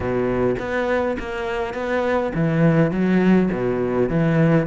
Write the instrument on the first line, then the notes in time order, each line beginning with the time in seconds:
cello
0.00 B2
0.59 B3
1.19 A#3
1.74 B3
2.34 E3
2.91 F#3
3.52 B2
4.09 E3